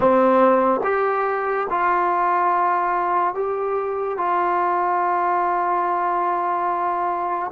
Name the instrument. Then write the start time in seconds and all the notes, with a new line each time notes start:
trombone
0.00 C4
0.83 G4
1.69 F4
3.34 G4
4.17 F4